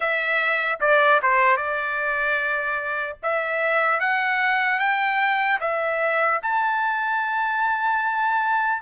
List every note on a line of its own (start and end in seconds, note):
0.00 0.78 E5
0.80 1.20 D5
1.22 1.56 C5
1.56 3.16 D5
3.23 4.00 E5
4.00 4.79 F#5
4.79 5.59 G5
5.60 6.40 E5
6.42 8.82 A5